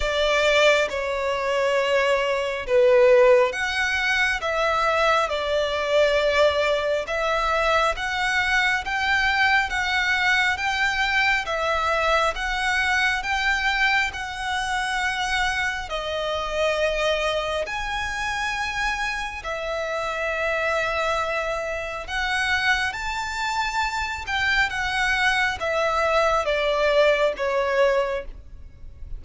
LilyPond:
\new Staff \with { instrumentName = "violin" } { \time 4/4 \tempo 4 = 68 d''4 cis''2 b'4 | fis''4 e''4 d''2 | e''4 fis''4 g''4 fis''4 | g''4 e''4 fis''4 g''4 |
fis''2 dis''2 | gis''2 e''2~ | e''4 fis''4 a''4. g''8 | fis''4 e''4 d''4 cis''4 | }